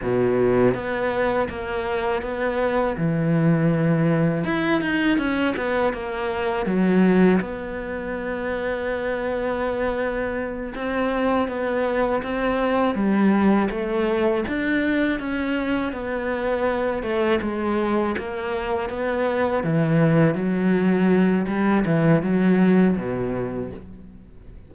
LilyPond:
\new Staff \with { instrumentName = "cello" } { \time 4/4 \tempo 4 = 81 b,4 b4 ais4 b4 | e2 e'8 dis'8 cis'8 b8 | ais4 fis4 b2~ | b2~ b8 c'4 b8~ |
b8 c'4 g4 a4 d'8~ | d'8 cis'4 b4. a8 gis8~ | gis8 ais4 b4 e4 fis8~ | fis4 g8 e8 fis4 b,4 | }